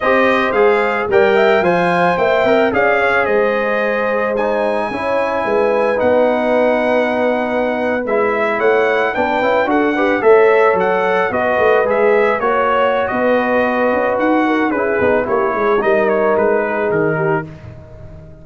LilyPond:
<<
  \new Staff \with { instrumentName = "trumpet" } { \time 4/4 \tempo 4 = 110 dis''4 f''4 g''4 gis''4 | g''4 f''4 dis''2 | gis''2. fis''4~ | fis''2~ fis''8. e''4 fis''16~ |
fis''8. g''4 fis''4 e''4 fis''16~ | fis''8. dis''4 e''4 cis''4~ cis''16 | dis''2 fis''4 b'4 | cis''4 dis''8 cis''8 b'4 ais'4 | }
  \new Staff \with { instrumentName = "horn" } { \time 4/4 c''2 d''8 e''8 f''4 | e''4 d''8 cis''8 c''2~ | c''4 cis''4 b'2~ | b'2.~ b'8. cis''16~ |
cis''8. b'4 a'8 b'8 cis''4~ cis''16~ | cis''8. b'2 cis''4~ cis''16 | b'2~ b'8 ais'8 gis'4 | g'8 gis'8 ais'4. gis'4 g'8 | }
  \new Staff \with { instrumentName = "trombone" } { \time 4/4 g'4 gis'4 ais'4 c''4~ | c''8 ais'8 gis'2. | dis'4 e'2 dis'4~ | dis'2~ dis'8. e'4~ e'16~ |
e'8. d'8 e'8 fis'8 g'8 a'4~ a'16~ | a'8. fis'4 gis'4 fis'4~ fis'16~ | fis'2. e'8 dis'8 | e'4 dis'2. | }
  \new Staff \with { instrumentName = "tuba" } { \time 4/4 c'4 gis4 g4 f4 | ais8 c'8 cis'4 gis2~ | gis4 cis'4 gis4 b4~ | b2~ b8. gis4 a16~ |
a8. b8 cis'8 d'4 a4 fis16~ | fis8. b8 a8 gis4 ais4~ ais16 | b4. cis'8 dis'4 cis'8 b8 | ais8 gis8 g4 gis4 dis4 | }
>>